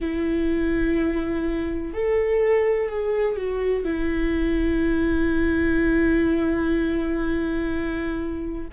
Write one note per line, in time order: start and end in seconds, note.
0.00 1.94 E4
1.94 2.89 A4
2.89 3.36 G#4
3.36 3.84 F#4
3.84 8.68 E4